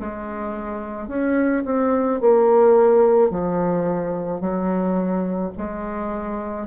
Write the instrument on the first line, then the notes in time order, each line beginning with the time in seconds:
bassoon
0.00 G#3
1.08 C#4
1.65 C4
2.21 A#3
3.30 F3
4.40 F#3
5.58 G#3